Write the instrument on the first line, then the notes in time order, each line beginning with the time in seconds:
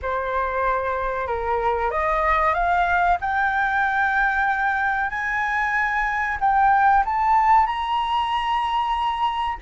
flute
0.02 C5
1.27 A#4
1.90 D#5
2.54 F5
3.20 G5
5.10 G#5
6.40 G5
7.05 A5
7.66 A#5